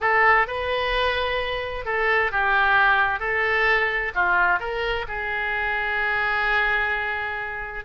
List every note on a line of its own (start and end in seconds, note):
0.00 0.47 A4
0.47 1.85 B4
1.85 2.31 A4
2.31 3.19 G4
3.19 4.11 A4
4.14 4.59 F4
4.59 5.05 A#4
5.07 7.84 G#4